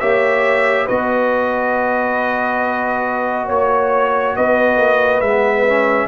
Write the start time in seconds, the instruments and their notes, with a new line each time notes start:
0.00 tuba A#3, trombone G4, horn C#5, trumpet E5
0.86 tuba B3, trombone F#4, horn B4, trumpet D#5
3.46 tuba A#3, horn C#5, trumpet C#5
4.36 tuba B3, horn B4, trumpet D#5
4.77 tuba A#3
5.20 tuba G#3, trombone B3, trumpet E5
5.68 trombone C#4